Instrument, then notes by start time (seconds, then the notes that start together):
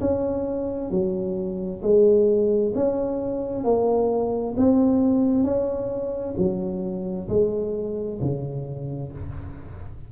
tuba
0.00 C#4
0.90 F#3
1.82 G#3
2.75 C#4
3.64 A#3
4.57 C4
5.43 C#4
6.37 F#3
7.29 G#3
8.21 C#3